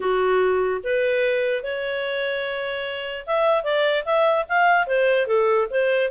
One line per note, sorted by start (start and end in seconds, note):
0.00 0.81 F#4
0.83 1.63 B4
1.63 3.25 C#5
3.26 3.63 E5
3.63 4.04 D5
4.05 4.45 E5
4.49 4.86 F5
4.86 5.26 C5
5.26 5.67 A4
5.70 6.10 C5